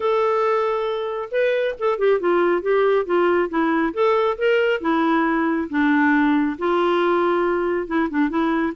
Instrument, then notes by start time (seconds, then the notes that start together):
clarinet
0.00 A4
1.31 B4
1.79 A4
1.98 G4
2.20 F4
2.62 G4
3.05 F4
3.49 E4
3.93 A4
4.38 A#4
4.81 E4
5.69 D4
6.58 F4
7.87 E4
8.10 D4
8.29 E4